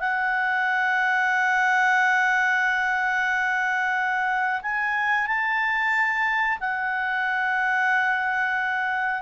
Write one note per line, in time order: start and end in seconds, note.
0.00 4.62 F#5
4.62 5.27 G#5
5.27 6.59 A5
6.61 9.22 F#5